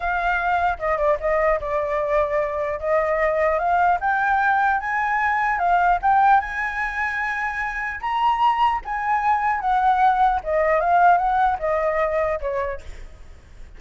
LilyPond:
\new Staff \with { instrumentName = "flute" } { \time 4/4 \tempo 4 = 150 f''2 dis''8 d''8 dis''4 | d''2. dis''4~ | dis''4 f''4 g''2 | gis''2 f''4 g''4 |
gis''1 | ais''2 gis''2 | fis''2 dis''4 f''4 | fis''4 dis''2 cis''4 | }